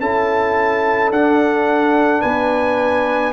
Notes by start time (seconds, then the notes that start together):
0.00 C#4 E4 A4 A5
1.11 D4 F#5
2.21 B3 B4 G#5